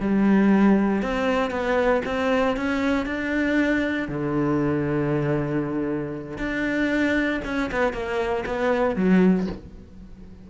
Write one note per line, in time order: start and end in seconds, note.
0.00 1.02 G3
1.02 1.50 C4
1.50 2.02 B3
2.05 2.56 C4
2.56 3.06 C#4
3.06 4.08 D4
4.08 6.38 D3
6.38 7.40 D4
7.45 7.70 C#4
7.71 7.93 B3
7.93 8.44 A#3
8.45 8.96 B3
8.96 9.47 F#3